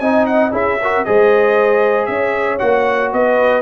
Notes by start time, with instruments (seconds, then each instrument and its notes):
0.00 tuba C4, trombone D#4, horn D#5, trumpet G#5
0.26 trumpet F#5
0.51 tuba C#4, trombone E4, horn G#4, trumpet E5
0.82 trombone F#4, horn A#4
1.05 tuba G#3, trombone G#4, horn C5, trumpet D#5
2.06 tuba C#4, trumpet E5
2.12 horn C#5
2.59 tuba A#3, trombone F#4, trumpet F#5
3.13 tuba B3, horn B4, trumpet D#5